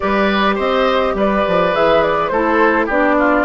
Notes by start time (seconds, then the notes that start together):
0.00 G3 G4 B4 D5
0.55 C4 C5 D#5
1.14 G3 B4 D5
1.47 F3
1.73 E3 G#4 E5
2.02 D5
2.28 A3 E4 A4 C5
2.86 B3 D4 G4 D5
3.18 F4